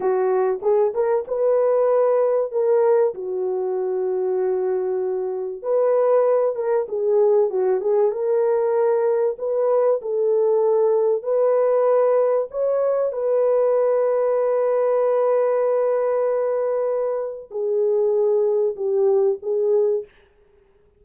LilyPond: \new Staff \with { instrumentName = "horn" } { \time 4/4 \tempo 4 = 96 fis'4 gis'8 ais'8 b'2 | ais'4 fis'2.~ | fis'4 b'4. ais'8 gis'4 | fis'8 gis'8 ais'2 b'4 |
a'2 b'2 | cis''4 b'2.~ | b'1 | gis'2 g'4 gis'4 | }